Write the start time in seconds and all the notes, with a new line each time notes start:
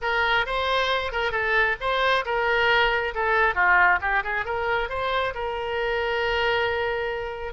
0.01 A#4
0.46 C5
1.12 A#4
1.31 A4
1.80 C5
2.25 A#4
3.14 A4
3.54 F4
4.01 G4
4.23 G#4
4.45 A#4
4.89 C5
5.34 A#4